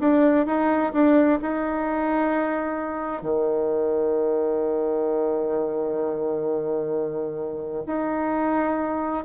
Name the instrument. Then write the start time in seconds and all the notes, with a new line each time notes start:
bassoon
0.00 D4
0.47 D#4
0.93 D4
1.42 D#4
3.23 D#3
7.86 D#4